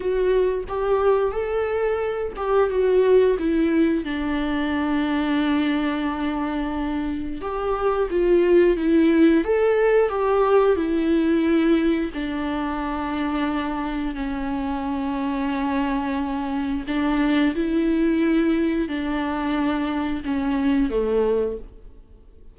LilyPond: \new Staff \with { instrumentName = "viola" } { \time 4/4 \tempo 4 = 89 fis'4 g'4 a'4. g'8 | fis'4 e'4 d'2~ | d'2. g'4 | f'4 e'4 a'4 g'4 |
e'2 d'2~ | d'4 cis'2.~ | cis'4 d'4 e'2 | d'2 cis'4 a4 | }